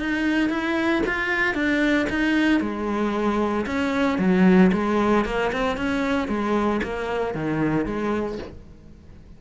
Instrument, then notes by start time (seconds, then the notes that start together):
cello
0.00 D#4
0.50 E4
1.07 F4
1.55 D4
2.10 D#4
2.61 G#3
3.66 C#4
4.19 F#3
4.73 G#3
5.26 A#3
5.53 C4
5.77 C#4
6.28 G#3
6.83 A#3
7.35 D#3
7.86 G#3